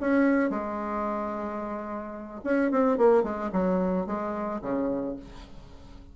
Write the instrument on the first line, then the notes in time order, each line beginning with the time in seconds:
bassoon
0.00 C#4
0.50 G#3
2.44 C#4
2.71 C4
2.97 A#3
3.23 G#3
3.52 F#3
4.06 G#3
4.61 C#3